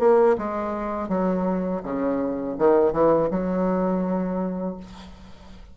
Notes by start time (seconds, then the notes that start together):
0.00 A#3
0.38 G#3
1.09 F#3
1.83 C#3
2.59 D#3
2.93 E3
3.31 F#3